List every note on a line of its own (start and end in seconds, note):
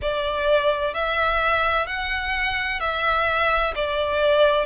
0.01 0.94 D5
0.94 1.87 E5
1.87 2.80 F#5
2.80 3.73 E5
3.75 4.66 D5